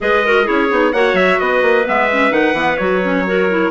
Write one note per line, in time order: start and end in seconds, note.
0.00 0.48 G#3
0.00 0.24 G#4
0.00 0.26 B4
0.00 0.47 D#5
0.26 0.45 F#4
0.26 0.44 A#4
0.44 0.70 C#4
0.44 0.68 E4
0.44 0.91 G#4
0.44 0.93 C#5
0.70 0.93 B3
0.70 0.93 D#4
0.93 1.13 A#3
0.93 1.85 F#4
0.93 1.39 C#5
0.93 1.16 F#5
1.13 1.36 F#3
1.13 1.39 E5
1.39 1.62 B3
1.39 3.26 B4
1.39 1.86 D#5
1.62 1.85 A#3
1.85 2.31 G#3
1.85 2.08 B3
1.85 2.32 E5
2.11 2.30 C#4
2.30 2.53 D#3
2.30 2.54 D#4
2.30 2.77 F#5
2.53 2.76 E3
2.53 2.78 B3
2.77 3.71 F#3
2.77 3.02 F#4
2.77 3.70 C#5
3.02 3.25 C#4
3.26 3.49 F#4
3.26 3.71 A#4
3.49 3.71 E4